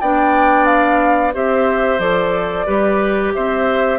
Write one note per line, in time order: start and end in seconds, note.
0.00 1.34 B3
0.00 1.33 D4
0.00 1.34 D5
0.00 0.65 G5
0.65 1.32 F5
1.33 1.98 C4
1.33 1.99 G4
1.33 2.66 C5
1.33 1.99 E5
1.98 2.65 F3
1.98 2.66 A4
1.98 3.32 D5
2.66 3.33 G3
2.66 3.99 G4
2.66 3.33 B4
3.34 3.99 C4
3.34 3.99 C5
3.34 3.99 E5